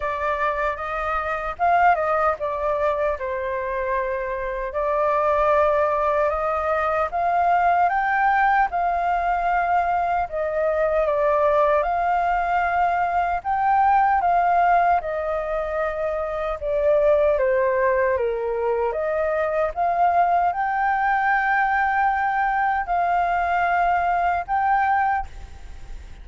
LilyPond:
\new Staff \with { instrumentName = "flute" } { \time 4/4 \tempo 4 = 76 d''4 dis''4 f''8 dis''8 d''4 | c''2 d''2 | dis''4 f''4 g''4 f''4~ | f''4 dis''4 d''4 f''4~ |
f''4 g''4 f''4 dis''4~ | dis''4 d''4 c''4 ais'4 | dis''4 f''4 g''2~ | g''4 f''2 g''4 | }